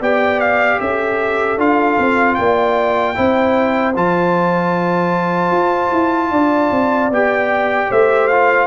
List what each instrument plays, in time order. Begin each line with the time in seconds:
0.00 tuba B3, trombone G4, horn D5, trumpet G5
0.40 trumpet F5
0.80 tuba C#4, horn A4, trumpet E5
1.58 tuba D4, trombone F4, trumpet F5
1.98 tuba C4
2.35 tuba A#3, horn D5, trumpet G5
3.14 tuba C4, trombone E4, horn C5
3.95 tuba F3, trombone F4, trumpet A5
5.51 tuba F4
5.91 tuba E4
6.31 tuba D4, horn D5
6.71 tuba C4
7.10 tuba B3, trombone G4, trumpet G5
7.89 tuba A3, horn C5, trumpet E5
8.27 trombone F4, trumpet F5